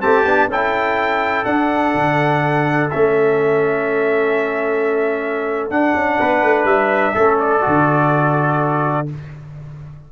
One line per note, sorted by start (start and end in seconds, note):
0.00 0.25 A3
0.00 0.24 C4
0.00 0.50 G4
0.00 0.49 A5
0.25 0.47 B3
0.25 0.50 D4
0.47 1.44 C#4
0.47 6.19 A4
0.47 1.45 G5
0.54 1.45 E4
1.45 2.90 D4
1.45 1.94 D4
1.45 2.90 F#5
1.94 2.91 D3
2.90 5.70 A3
2.90 5.71 C#4
2.90 5.69 E5
5.70 5.94 D4
5.70 7.16 D4
5.70 6.65 F#5
5.95 6.19 C#4
6.19 6.43 B3
6.19 7.14 B4
6.43 6.64 A3
6.64 7.12 G3
6.64 7.38 E5
7.14 7.64 A3
7.14 7.61 C#4
7.14 9.08 A4
7.39 9.08 D5
7.61 9.12 D3
7.61 9.06 F#4